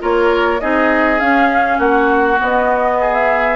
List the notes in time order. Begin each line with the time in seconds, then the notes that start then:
0.00 A#3 F4 A#4 C#5
0.61 C4 D#4 G#4 D#5
1.20 C#4 F5
1.78 A#3 F#4 F#5
2.38 B3
2.44 D#5
3.01 G#4
3.14 E5